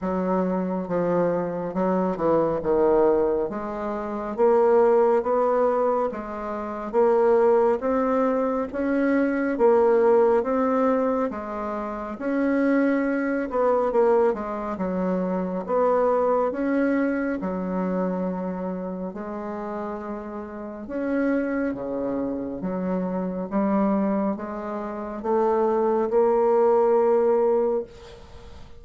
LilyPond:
\new Staff \with { instrumentName = "bassoon" } { \time 4/4 \tempo 4 = 69 fis4 f4 fis8 e8 dis4 | gis4 ais4 b4 gis4 | ais4 c'4 cis'4 ais4 | c'4 gis4 cis'4. b8 |
ais8 gis8 fis4 b4 cis'4 | fis2 gis2 | cis'4 cis4 fis4 g4 | gis4 a4 ais2 | }